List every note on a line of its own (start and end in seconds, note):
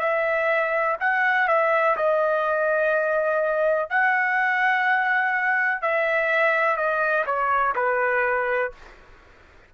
0.00 0.97 E5
1.00 1.48 F#5
1.48 1.96 E5
1.97 3.90 D#5
3.90 5.82 F#5
5.82 6.77 E5
6.77 7.25 D#5
7.26 7.75 C#5
7.76 8.72 B4